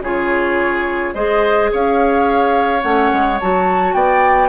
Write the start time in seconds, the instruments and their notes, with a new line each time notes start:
0.00 bassoon C#3, clarinet F4, oboe G#4, flute C#5
1.14 bassoon G#3, clarinet G#4, oboe C5, flute D#5
1.72 bassoon C#4, oboe C#5, flute F5
2.80 bassoon A3, clarinet C#4, flute F#5
3.13 bassoon G#3
3.41 bassoon F#3, clarinet F#4, flute A5
3.94 bassoon B3, oboe D5, flute G5